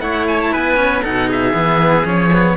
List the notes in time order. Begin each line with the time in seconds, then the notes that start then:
0.00 A3 E4 C#5 F#5
0.27 G#5
0.41 A5
0.52 B3 B4 G#5
0.76 C#4
1.02 B2 D#4 A4 F#5
1.28 G#4 E5
1.53 E3 B3
2.04 F3 C#4 C#5
2.33 B3